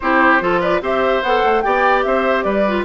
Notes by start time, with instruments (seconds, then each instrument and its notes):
0.00 bassoon C4, clarinet E4, oboe G4, flute C5
0.40 bassoon F3, clarinet F4, oboe A4
0.60 oboe B4, flute D5
0.81 bassoon C4, clarinet G4, oboe C5, flute E5
1.22 bassoon B3, clarinet A4, flute F#5
1.44 bassoon A3
1.61 bassoon B3, clarinet G4, oboe D5, flute G5
2.02 bassoon C4, oboe C5, flute E5
2.42 bassoon G3, oboe B4, flute D5
2.67 clarinet F4